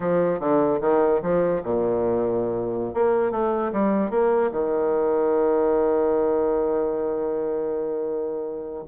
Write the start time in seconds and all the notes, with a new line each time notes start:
0.00 F3
0.39 D3
0.80 D#3
1.22 F3
1.63 A#2
2.94 A#3
3.31 A3
3.72 G3
4.10 A#3
4.51 D#3